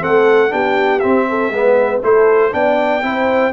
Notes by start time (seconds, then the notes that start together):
0.00 A3 C4 A4 F#5
0.50 B3 D4 G4 G5
1.00 C4 E5
1.30 A4
1.50 G#3 B3 B4
2.03 A3 E4 A4 C5
2.52 B3 D4 D5 G5
3.02 C4 E4 C5